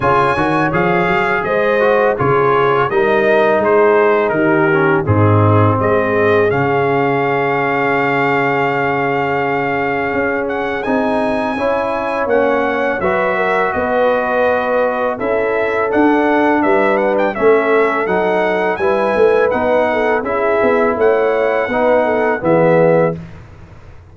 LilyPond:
<<
  \new Staff \with { instrumentName = "trumpet" } { \time 4/4 \tempo 4 = 83 gis''4 f''4 dis''4 cis''4 | dis''4 c''4 ais'4 gis'4 | dis''4 f''2.~ | f''2~ f''8 fis''8 gis''4~ |
gis''4 fis''4 e''4 dis''4~ | dis''4 e''4 fis''4 e''8 fis''16 g''16 | e''4 fis''4 gis''4 fis''4 | e''4 fis''2 e''4 | }
  \new Staff \with { instrumentName = "horn" } { \time 4/4 cis''2 c''4 gis'4 | ais'4 gis'4 g'4 dis'4 | gis'1~ | gis'1 |
cis''2 b'8 ais'8 b'4~ | b'4 a'2 b'4 | a'2 b'4. a'8 | gis'4 cis''4 b'8 a'8 gis'4 | }
  \new Staff \with { instrumentName = "trombone" } { \time 4/4 f'8 fis'8 gis'4. fis'8 f'4 | dis'2~ dis'8 cis'8 c'4~ | c'4 cis'2.~ | cis'2. dis'4 |
e'4 cis'4 fis'2~ | fis'4 e'4 d'2 | cis'4 dis'4 e'4 dis'4 | e'2 dis'4 b4 | }
  \new Staff \with { instrumentName = "tuba" } { \time 4/4 cis8 dis8 f8 fis8 gis4 cis4 | g4 gis4 dis4 gis,4 | gis4 cis2.~ | cis2 cis'4 c'4 |
cis'4 ais4 fis4 b4~ | b4 cis'4 d'4 g4 | a4 fis4 g8 a8 b4 | cis'8 b8 a4 b4 e4 | }
>>